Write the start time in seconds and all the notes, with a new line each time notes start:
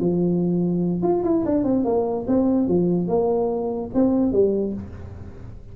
0.00 F3
1.03 F4
1.24 E4
1.45 D4
1.64 C4
1.85 A#3
2.28 C4
2.68 F3
3.08 A#3
3.94 C4
4.32 G3